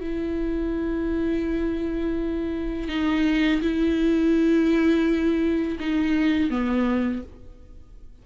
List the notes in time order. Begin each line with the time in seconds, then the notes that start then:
0.00 E4
2.89 D#4
3.61 E4
5.80 D#4
6.50 B3